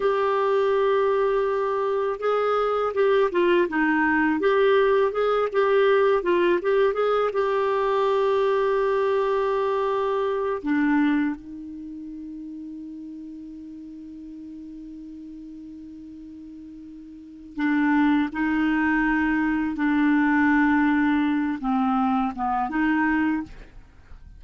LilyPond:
\new Staff \with { instrumentName = "clarinet" } { \time 4/4 \tempo 4 = 82 g'2. gis'4 | g'8 f'8 dis'4 g'4 gis'8 g'8~ | g'8 f'8 g'8 gis'8 g'2~ | g'2~ g'8 d'4 dis'8~ |
dis'1~ | dis'1 | d'4 dis'2 d'4~ | d'4. c'4 b8 dis'4 | }